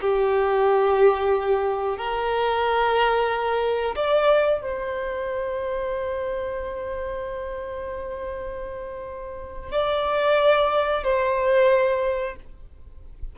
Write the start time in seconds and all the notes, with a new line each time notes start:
0.00 G4
1.97 A#4
3.95 D5
4.61 C5
9.71 D5
11.03 C5